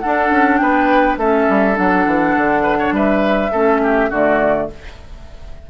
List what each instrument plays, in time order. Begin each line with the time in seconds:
0.00 clarinet D4, bassoon D4, oboe A4, flute F#5
0.30 bassoon C#4
0.58 bassoon B3, oboe B4, flute G5
1.17 bassoon A3, clarinet C#4, oboe A4, flute E5
1.49 bassoon G3
1.74 bassoon F#3, clarinet D4, flute F#5
2.06 bassoon E3
2.37 bassoon D3
2.62 oboe B4
2.79 oboe C#5
2.92 bassoon G3, oboe B4, flute E5
3.52 bassoon A3, clarinet C#4, oboe A4
3.83 oboe G4
4.09 bassoon D3, clarinet A3, oboe F#4, flute D5